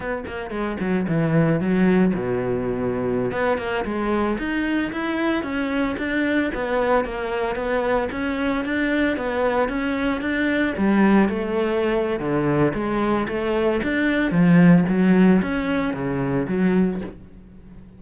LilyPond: \new Staff \with { instrumentName = "cello" } { \time 4/4 \tempo 4 = 113 b8 ais8 gis8 fis8 e4 fis4 | b,2~ b,16 b8 ais8 gis8.~ | gis16 dis'4 e'4 cis'4 d'8.~ | d'16 b4 ais4 b4 cis'8.~ |
cis'16 d'4 b4 cis'4 d'8.~ | d'16 g4 a4.~ a16 d4 | gis4 a4 d'4 f4 | fis4 cis'4 cis4 fis4 | }